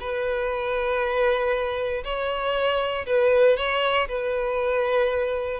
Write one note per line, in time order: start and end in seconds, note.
0.00 2.03 B4
2.04 3.06 C#5
3.06 3.57 B4
3.57 4.08 C#5
4.08 5.60 B4